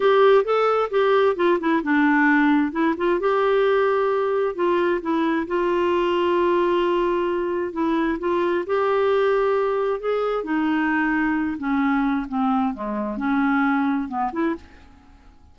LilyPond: \new Staff \with { instrumentName = "clarinet" } { \time 4/4 \tempo 4 = 132 g'4 a'4 g'4 f'8 e'8 | d'2 e'8 f'8 g'4~ | g'2 f'4 e'4 | f'1~ |
f'4 e'4 f'4 g'4~ | g'2 gis'4 dis'4~ | dis'4. cis'4. c'4 | gis4 cis'2 b8 e'8 | }